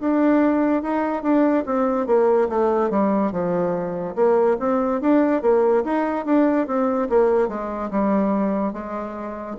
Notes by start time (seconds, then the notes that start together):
0.00 D4
0.83 D#4
1.22 D4
1.66 C4
2.06 A#3
2.49 A3
2.90 G3
3.32 F3
4.15 A#3
4.59 C4
5.01 D4
5.42 A#3
5.84 D#4
6.25 D4
6.67 C4
7.09 A#3
7.48 G#3
7.91 G3
8.73 G#3